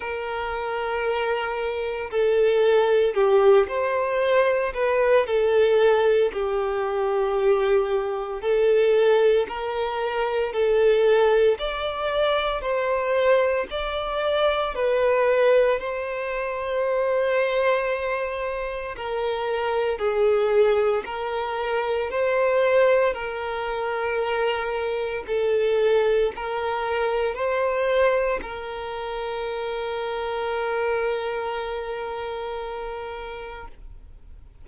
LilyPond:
\new Staff \with { instrumentName = "violin" } { \time 4/4 \tempo 4 = 57 ais'2 a'4 g'8 c''8~ | c''8 b'8 a'4 g'2 | a'4 ais'4 a'4 d''4 | c''4 d''4 b'4 c''4~ |
c''2 ais'4 gis'4 | ais'4 c''4 ais'2 | a'4 ais'4 c''4 ais'4~ | ais'1 | }